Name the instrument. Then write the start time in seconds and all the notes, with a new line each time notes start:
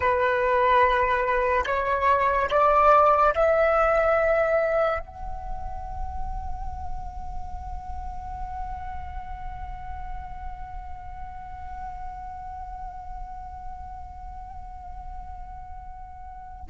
flute
0.00 B4
1.66 C#5
2.50 D5
3.34 E5
4.99 F#5